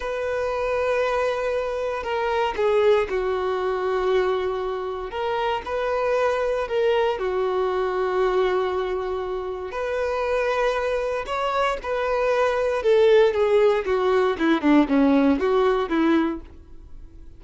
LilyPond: \new Staff \with { instrumentName = "violin" } { \time 4/4 \tempo 4 = 117 b'1 | ais'4 gis'4 fis'2~ | fis'2 ais'4 b'4~ | b'4 ais'4 fis'2~ |
fis'2. b'4~ | b'2 cis''4 b'4~ | b'4 a'4 gis'4 fis'4 | e'8 d'8 cis'4 fis'4 e'4 | }